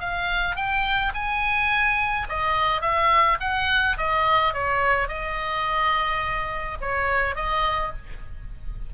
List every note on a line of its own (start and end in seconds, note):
0.00 0.56 F5
0.56 1.12 G5
1.14 2.27 G#5
2.29 2.81 D#5
2.81 3.38 E5
3.40 3.97 F#5
3.98 4.53 D#5
4.53 5.08 C#5
5.08 6.78 D#5
6.81 7.36 C#5
7.36 7.92 D#5